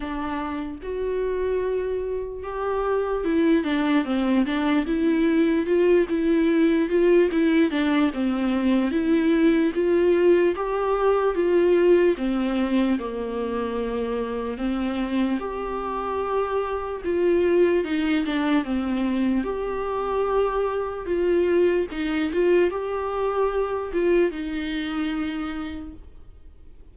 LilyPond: \new Staff \with { instrumentName = "viola" } { \time 4/4 \tempo 4 = 74 d'4 fis'2 g'4 | e'8 d'8 c'8 d'8 e'4 f'8 e'8~ | e'8 f'8 e'8 d'8 c'4 e'4 | f'4 g'4 f'4 c'4 |
ais2 c'4 g'4~ | g'4 f'4 dis'8 d'8 c'4 | g'2 f'4 dis'8 f'8 | g'4. f'8 dis'2 | }